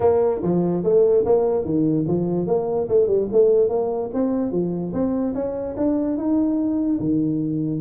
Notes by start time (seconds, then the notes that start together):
0.00 A#3
0.42 F3
0.83 A3
1.25 A#3
1.64 D#3
2.07 F3
2.46 A#3
2.88 A3
3.07 G3
3.32 A3
3.69 A#3
4.13 C4
4.51 F3
4.93 C4
5.34 C#4
5.76 D4
6.17 D#4
7.00 D#3